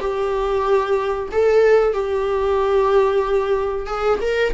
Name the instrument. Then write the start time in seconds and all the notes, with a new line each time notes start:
viola
0.00 G4
1.32 A4
1.93 G4
3.87 G#4
4.21 A#4